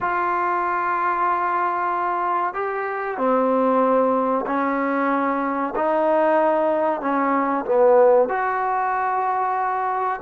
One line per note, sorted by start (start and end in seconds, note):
0.00 2.54 F4
2.54 3.17 G4
3.17 4.45 C4
4.46 5.74 C#4
5.75 7.01 D#4
7.01 7.65 C#4
7.65 8.28 B3
8.29 10.20 F#4